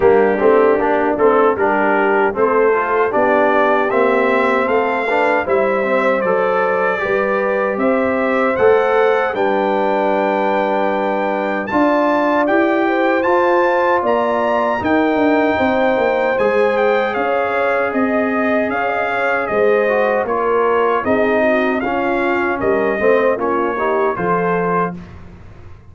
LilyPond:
<<
  \new Staff \with { instrumentName = "trumpet" } { \time 4/4 \tempo 4 = 77 g'4. a'8 ais'4 c''4 | d''4 e''4 f''4 e''4 | d''2 e''4 fis''4 | g''2. a''4 |
g''4 a''4 ais''4 g''4~ | g''4 gis''8 g''8 f''4 dis''4 | f''4 dis''4 cis''4 dis''4 | f''4 dis''4 cis''4 c''4 | }
  \new Staff \with { instrumentName = "horn" } { \time 4/4 d'2 g'4 a'4 | g'2 a'8 b'8 c''4~ | c''4 b'4 c''2 | b'2. d''4~ |
d''8 c''4. d''4 ais'4 | c''2 cis''4 dis''4 | cis''16 dis''16 cis''8 c''4 ais'4 gis'8 fis'8 | f'4 ais'8 c''8 f'8 g'8 a'4 | }
  \new Staff \with { instrumentName = "trombone" } { \time 4/4 ais8 c'8 d'8 c'8 d'4 c'8 f'8 | d'4 c'4. d'8 e'8 c'8 | a'4 g'2 a'4 | d'2. f'4 |
g'4 f'2 dis'4~ | dis'4 gis'2.~ | gis'4. fis'8 f'4 dis'4 | cis'4. c'8 cis'8 dis'8 f'4 | }
  \new Staff \with { instrumentName = "tuba" } { \time 4/4 g8 a8 ais8 a8 g4 a4 | b4 ais4 a4 g4 | fis4 g4 c'4 a4 | g2. d'4 |
e'4 f'4 ais4 dis'8 d'8 | c'8 ais8 gis4 cis'4 c'4 | cis'4 gis4 ais4 c'4 | cis'4 g8 a8 ais4 f4 | }
>>